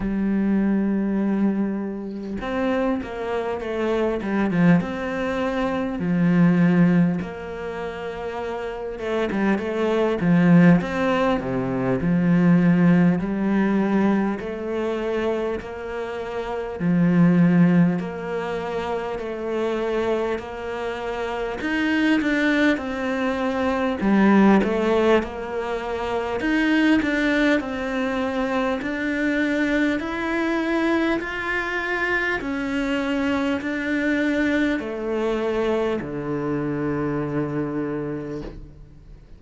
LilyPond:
\new Staff \with { instrumentName = "cello" } { \time 4/4 \tempo 4 = 50 g2 c'8 ais8 a8 g16 f16 | c'4 f4 ais4. a16 g16 | a8 f8 c'8 c8 f4 g4 | a4 ais4 f4 ais4 |
a4 ais4 dis'8 d'8 c'4 | g8 a8 ais4 dis'8 d'8 c'4 | d'4 e'4 f'4 cis'4 | d'4 a4 d2 | }